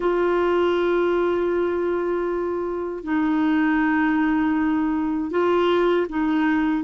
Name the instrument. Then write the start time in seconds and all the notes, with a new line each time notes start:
clarinet
0.00 F4
3.03 D#4
5.31 F4
6.09 D#4